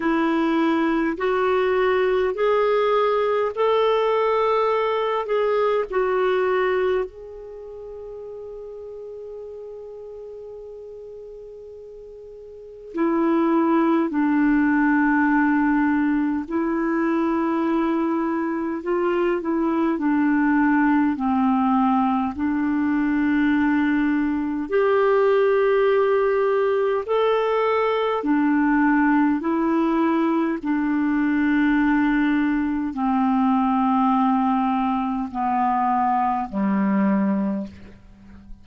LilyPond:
\new Staff \with { instrumentName = "clarinet" } { \time 4/4 \tempo 4 = 51 e'4 fis'4 gis'4 a'4~ | a'8 gis'8 fis'4 gis'2~ | gis'2. e'4 | d'2 e'2 |
f'8 e'8 d'4 c'4 d'4~ | d'4 g'2 a'4 | d'4 e'4 d'2 | c'2 b4 g4 | }